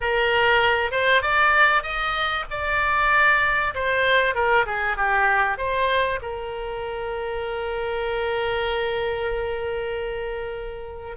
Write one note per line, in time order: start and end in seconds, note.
0.00 0.91 A#4
0.91 1.22 C5
1.22 1.82 D5
1.82 2.44 D#5
2.50 3.74 D5
3.74 4.34 C5
4.34 4.65 A#4
4.66 4.97 G#4
4.97 5.57 G4
5.57 6.19 C5
6.22 11.16 A#4